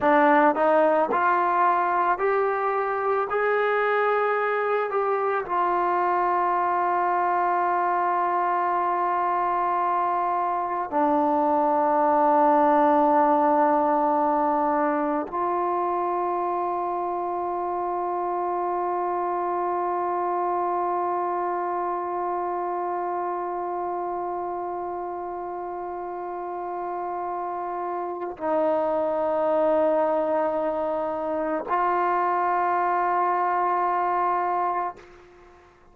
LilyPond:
\new Staff \with { instrumentName = "trombone" } { \time 4/4 \tempo 4 = 55 d'8 dis'8 f'4 g'4 gis'4~ | gis'8 g'8 f'2.~ | f'2 d'2~ | d'2 f'2~ |
f'1~ | f'1~ | f'2 dis'2~ | dis'4 f'2. | }